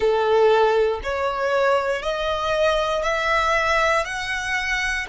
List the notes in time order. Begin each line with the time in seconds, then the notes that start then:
0.00 A4
1.03 C#5
2.02 D#5
3.03 E5
4.04 F#5